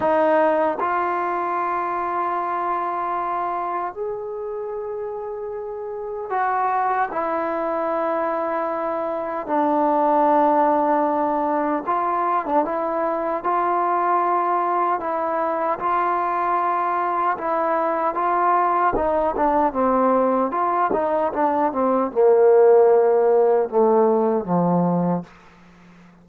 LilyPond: \new Staff \with { instrumentName = "trombone" } { \time 4/4 \tempo 4 = 76 dis'4 f'2.~ | f'4 gis'2. | fis'4 e'2. | d'2. f'8. d'16 |
e'4 f'2 e'4 | f'2 e'4 f'4 | dis'8 d'8 c'4 f'8 dis'8 d'8 c'8 | ais2 a4 f4 | }